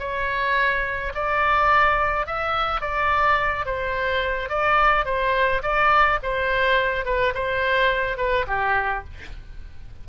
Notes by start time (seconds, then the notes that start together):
0.00 C#5
1.15 D5
2.27 E5
2.81 D5
3.66 C5
4.50 D5
5.06 C5
5.63 D5
6.23 C5
7.06 B4
7.35 C5
8.18 B4
8.48 G4